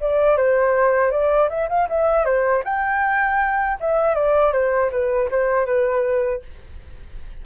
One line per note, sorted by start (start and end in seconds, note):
0.00 0.37 D5
0.37 1.10 C5
1.10 1.48 D5
1.49 1.68 E5
1.69 1.88 F5
1.89 2.25 E5
2.25 2.63 C5
2.64 3.78 G5
3.80 4.14 E5
4.14 4.52 D5
4.53 4.91 C5
4.91 5.29 B4
5.30 5.65 C5
5.65 6.41 B4